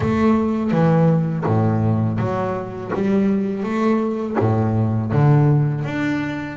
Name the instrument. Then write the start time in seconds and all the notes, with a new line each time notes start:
double bass
0.00 A3
0.71 E3
1.45 A2
2.18 F#3
2.94 G3
3.63 A3
4.39 A2
5.12 D3
5.84 D4